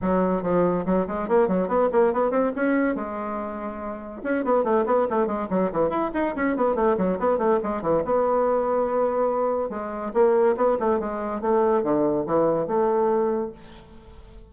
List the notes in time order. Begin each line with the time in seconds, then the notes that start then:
0.01 F#3
0.42 F3
0.85 F#3
1.07 G#3
1.28 A#3
1.48 F#3
1.67 B3
1.92 A#3
2.13 B3
2.30 C4
2.55 C#4
2.95 G#3
4.23 C#4
4.44 B3
4.63 A3
4.86 B3
5.10 A3
5.26 G#3
5.50 F#3
5.72 E3
5.89 E4
6.14 D#4
6.35 C#4
6.56 B3
6.75 A3
6.97 F#3
7.19 B3
7.38 A3
7.63 G#3
7.82 E3
8.05 B3
9.69 G#3
10.13 A#3
10.56 B3
10.79 A3
10.99 G#3
11.41 A3
11.83 D3
12.26 E3
12.67 A3